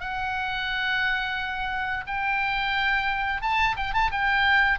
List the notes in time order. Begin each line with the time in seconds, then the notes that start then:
0.00 F#5
2.07 G5
3.42 A5
3.77 G5
3.94 A5
4.11 G5